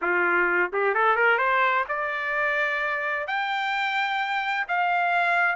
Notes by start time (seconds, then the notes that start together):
0.01 F4
0.72 G4
0.94 A4
1.16 A#4
1.38 C5
1.88 D5
3.27 G5
4.67 F5